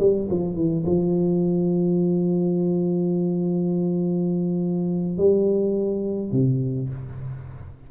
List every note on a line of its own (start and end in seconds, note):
0.00 0.29 G3
0.30 0.56 F3
0.56 0.85 E3
0.87 5.18 F3
5.18 6.32 G3
6.32 6.90 C3